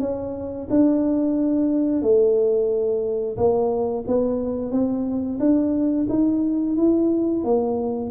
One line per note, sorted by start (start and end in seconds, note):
0.00 0.67 C#4
0.70 2.02 D4
2.02 3.37 A3
3.37 4.04 A#3
4.07 4.71 B3
4.71 5.39 C4
5.39 6.07 D4
6.09 6.76 D#4
6.76 7.44 E4
7.44 8.10 A#3